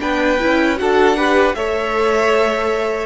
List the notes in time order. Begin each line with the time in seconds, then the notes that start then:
0.00 B3 D4 B4 G5
0.39 C#4 E4
0.76 D4 F#4 A4 F#5
1.17 G4 B4
1.54 A3 A4 C#5 E5